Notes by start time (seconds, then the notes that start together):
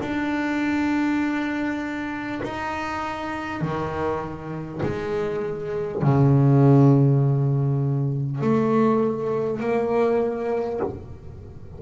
0.00 D4
2.43 D#4
3.61 D#3
4.83 G#3
6.02 C#3
8.41 A3
9.59 A#3